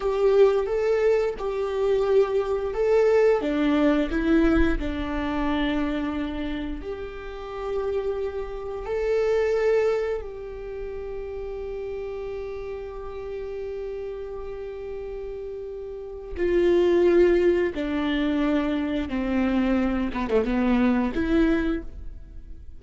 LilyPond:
\new Staff \with { instrumentName = "viola" } { \time 4/4 \tempo 4 = 88 g'4 a'4 g'2 | a'4 d'4 e'4 d'4~ | d'2 g'2~ | g'4 a'2 g'4~ |
g'1~ | g'1 | f'2 d'2 | c'4. b16 a16 b4 e'4 | }